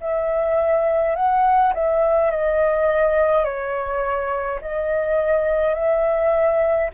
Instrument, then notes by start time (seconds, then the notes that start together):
flute
0.00 E5
1.15 F#5
1.74 E5
2.30 D#5
3.44 C#5
4.61 D#5
5.74 E5